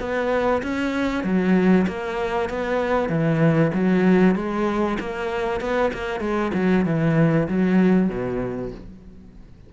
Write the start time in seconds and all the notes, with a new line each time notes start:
0.00 B3
0.63 C#4
1.24 F#3
1.88 A#3
2.50 B3
3.09 E3
3.74 F#3
4.36 G#3
5.00 A#3
5.61 B3
5.94 A#3
6.20 G#3
6.54 F#3
6.86 E3
7.48 F#3
8.09 B2